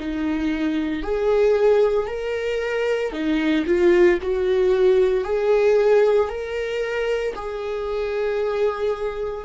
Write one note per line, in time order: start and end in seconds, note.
0.00 1.03 D#4
1.03 2.07 G#4
2.07 3.12 A#4
3.12 3.65 D#4
3.67 4.19 F4
4.22 5.24 F#4
5.24 6.30 G#4
6.30 7.35 A#4
7.35 9.45 G#4